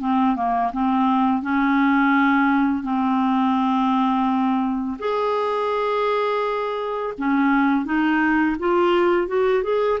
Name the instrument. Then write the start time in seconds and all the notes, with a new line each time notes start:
clarinet
0.00 C4
0.36 A#3
0.72 C4
1.42 C#4
2.83 C4
4.99 G#4
7.18 C#4
7.85 D#4
8.59 F4
9.27 F#4
9.63 G#4